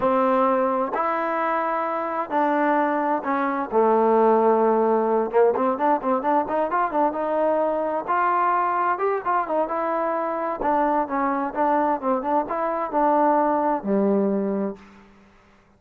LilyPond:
\new Staff \with { instrumentName = "trombone" } { \time 4/4 \tempo 4 = 130 c'2 e'2~ | e'4 d'2 cis'4 | a2.~ a8 ais8 | c'8 d'8 c'8 d'8 dis'8 f'8 d'8 dis'8~ |
dis'4. f'2 g'8 | f'8 dis'8 e'2 d'4 | cis'4 d'4 c'8 d'8 e'4 | d'2 g2 | }